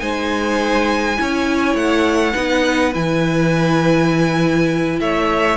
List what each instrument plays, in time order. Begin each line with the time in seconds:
0.00 cello G#3, viola D#4, violin C5 G#5
1.17 cello C#4, viola E4, violin C#5
1.75 cello A3, violin F#5
2.34 cello B3, viola D#4, violin B4
2.93 cello E3, viola E4, violin G#5
5.00 cello A3, violin C#5 E5